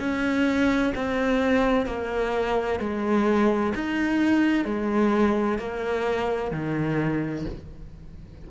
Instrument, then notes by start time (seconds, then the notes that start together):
cello
0.00 C#4
0.95 C4
1.86 A#3
2.80 G#3
3.75 D#4
4.65 G#3
5.59 A#3
6.52 D#3